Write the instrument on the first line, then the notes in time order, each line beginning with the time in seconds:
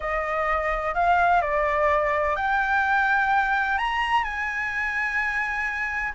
flute
0.00 D#5
0.94 F5
1.41 D5
2.36 G5
3.78 A#5
4.23 G#5